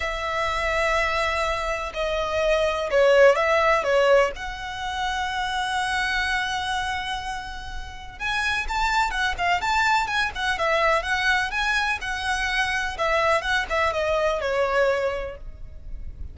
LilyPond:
\new Staff \with { instrumentName = "violin" } { \time 4/4 \tempo 4 = 125 e''1 | dis''2 cis''4 e''4 | cis''4 fis''2.~ | fis''1~ |
fis''4 gis''4 a''4 fis''8 f''8 | a''4 gis''8 fis''8 e''4 fis''4 | gis''4 fis''2 e''4 | fis''8 e''8 dis''4 cis''2 | }